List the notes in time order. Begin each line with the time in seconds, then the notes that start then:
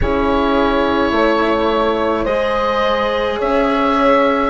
0.00 C#4 E4 G#4 C#5
1.11 A3 C#5
2.24 G#3 G#4 C5 D#5
3.38 C#4 C#5 E5